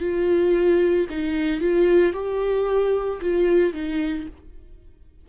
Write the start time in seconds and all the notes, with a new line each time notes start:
0.00 F4
1.10 D#4
1.61 F4
2.13 G4
3.21 F4
3.73 D#4